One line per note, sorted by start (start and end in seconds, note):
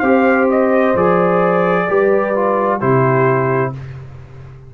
0.00 0.95 C4
0.00 0.96 G4
0.00 1.86 C5
0.00 0.46 F5
0.51 0.97 D#5
0.95 1.87 F3
0.95 1.88 G#4
0.95 2.81 D5
1.88 2.82 G3
1.88 2.34 G4
1.88 2.79 B4
2.36 2.81 F4
2.79 3.74 C3
2.79 3.73 E4
2.79 3.71 G4
2.79 3.73 C5